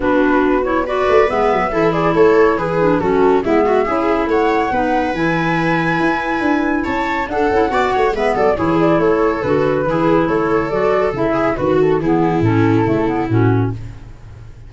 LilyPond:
<<
  \new Staff \with { instrumentName = "flute" } { \time 4/4 \tempo 4 = 140 b'4. cis''8 d''4 e''4~ | e''8 d''8 cis''4 b'4 a'4 | e''2 fis''2 | gis''1 |
a''4 fis''2 e''8 d''8 | cis''8 d''8 cis''4 b'2 | cis''4 d''4 e''4 b'8 a'8 | gis'4 a'2 fis'4 | }
  \new Staff \with { instrumentName = "viola" } { \time 4/4 fis'2 b'2 | a'8 gis'8 a'4 gis'4 fis'4 | e'8 fis'8 gis'4 cis''4 b'4~ | b'1 |
cis''4 a'4 d''8 cis''8 b'8 a'8 | gis'4 a'2 gis'4 | a'2~ a'8 gis'8 fis'4 | e'1 | }
  \new Staff \with { instrumentName = "clarinet" } { \time 4/4 d'4. e'8 fis'4 b4 | e'2~ e'8 d'8 cis'4 | b4 e'2 dis'4 | e'1~ |
e'4 d'8 e'8 fis'4 b4 | e'2 fis'4 e'4~ | e'4 fis'4 e'4 fis'4 | b4 cis'4 a8 b8 cis'4 | }
  \new Staff \with { instrumentName = "tuba" } { \time 4/4 b2~ b8 a8 gis8 fis8 | e4 a4 e4 fis4 | gis4 cis'4 a4 b4 | e2 e'4 d'4 |
cis'4 d'8 cis'8 b8 a8 gis8 fis8 | e4 a4 d4 e4 | a4 fis4 cis4 dis4 | e4 a,4 cis4 a,4 | }
>>